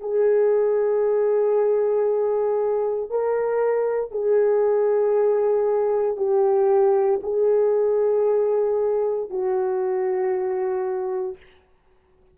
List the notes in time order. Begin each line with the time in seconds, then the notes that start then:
0.00 G#4
3.10 A#4
4.11 G#4
6.16 G4
7.23 G#4
9.30 F#4